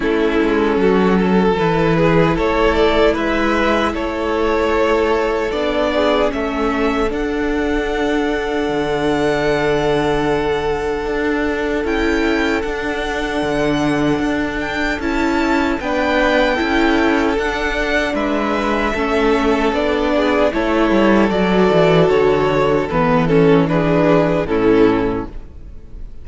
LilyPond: <<
  \new Staff \with { instrumentName = "violin" } { \time 4/4 \tempo 4 = 76 a'2 b'4 cis''8 d''8 | e''4 cis''2 d''4 | e''4 fis''2.~ | fis''2. g''4 |
fis''2~ fis''8 g''8 a''4 | g''2 fis''4 e''4~ | e''4 d''4 cis''4 d''4 | cis''4 b'8 a'8 b'4 a'4 | }
  \new Staff \with { instrumentName = "violin" } { \time 4/4 e'4 fis'8 a'4 gis'8 a'4 | b'4 a'2~ a'8 gis'8 | a'1~ | a'1~ |
a'1 | b'4 a'2 b'4 | a'4. gis'8 a'2~ | a'2 gis'4 e'4 | }
  \new Staff \with { instrumentName = "viola" } { \time 4/4 cis'2 e'2~ | e'2. d'4 | cis'4 d'2.~ | d'2. e'4 |
d'2. e'4 | d'4 e'4 d'2 | cis'4 d'4 e'4 fis'4~ | fis'4 b8 cis'8 d'4 cis'4 | }
  \new Staff \with { instrumentName = "cello" } { \time 4/4 a8 gis8 fis4 e4 a4 | gis4 a2 b4 | a4 d'2 d4~ | d2 d'4 cis'4 |
d'4 d4 d'4 cis'4 | b4 cis'4 d'4 gis4 | a4 b4 a8 g8 fis8 e8 | d4 e2 a,4 | }
>>